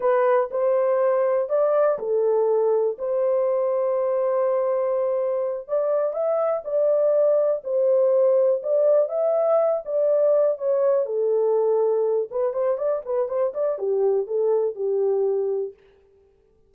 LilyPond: \new Staff \with { instrumentName = "horn" } { \time 4/4 \tempo 4 = 122 b'4 c''2 d''4 | a'2 c''2~ | c''2.~ c''8 d''8~ | d''8 e''4 d''2 c''8~ |
c''4. d''4 e''4. | d''4. cis''4 a'4.~ | a'4 b'8 c''8 d''8 b'8 c''8 d''8 | g'4 a'4 g'2 | }